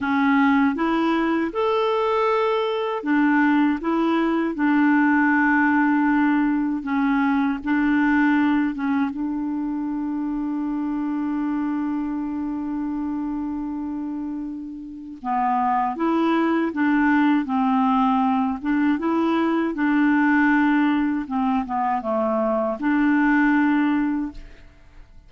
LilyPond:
\new Staff \with { instrumentName = "clarinet" } { \time 4/4 \tempo 4 = 79 cis'4 e'4 a'2 | d'4 e'4 d'2~ | d'4 cis'4 d'4. cis'8 | d'1~ |
d'1 | b4 e'4 d'4 c'4~ | c'8 d'8 e'4 d'2 | c'8 b8 a4 d'2 | }